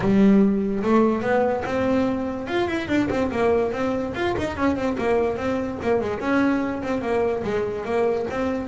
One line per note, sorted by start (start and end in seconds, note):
0.00 0.82 G3
0.83 1.21 A3
1.21 1.63 B3
1.65 2.47 C4
2.47 2.67 F4
2.67 2.87 E4
2.87 3.08 D4
3.10 3.30 C4
3.31 3.72 A#3
3.72 4.13 C4
4.14 4.35 F4
4.37 4.56 D#4
4.56 4.76 C#4
4.76 4.96 C4
4.97 5.36 A#3
5.36 5.78 C4
5.82 6.00 A#3
6.00 6.20 G#3
6.20 6.82 C#4
6.82 7.01 C4
7.01 7.43 A#3
7.43 7.85 G#3
7.85 8.26 A#3
8.30 8.67 C4